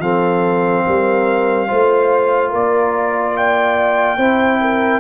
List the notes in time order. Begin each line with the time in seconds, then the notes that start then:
0.00 F3 C4 A4 F5
0.86 G3 A#4
1.68 A3 F4 C5
2.50 A#3 A#4 D5
3.37 D5 G5
4.17 C4 E4 C5
4.61 A#4